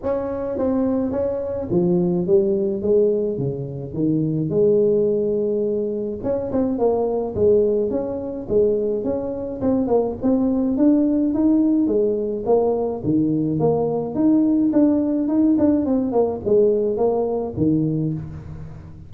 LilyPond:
\new Staff \with { instrumentName = "tuba" } { \time 4/4 \tempo 4 = 106 cis'4 c'4 cis'4 f4 | g4 gis4 cis4 dis4 | gis2. cis'8 c'8 | ais4 gis4 cis'4 gis4 |
cis'4 c'8 ais8 c'4 d'4 | dis'4 gis4 ais4 dis4 | ais4 dis'4 d'4 dis'8 d'8 | c'8 ais8 gis4 ais4 dis4 | }